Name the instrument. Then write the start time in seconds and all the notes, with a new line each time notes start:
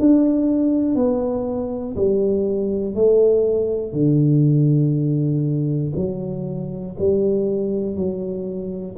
tuba
0.00 D4
0.96 B3
1.96 G3
2.95 A3
3.93 D3
5.96 F#3
6.99 G3
7.96 F#3